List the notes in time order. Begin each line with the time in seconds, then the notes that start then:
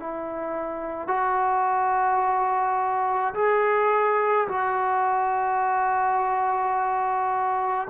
0.00 E4
1.08 F#4
3.34 G#4
4.49 F#4